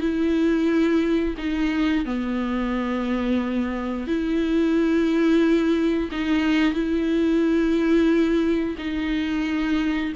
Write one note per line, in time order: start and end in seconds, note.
0.00 1.35 E4
1.38 2.05 D#4
2.05 4.08 B3
4.08 6.10 E4
6.12 6.74 D#4
6.74 8.76 E4
8.78 10.13 D#4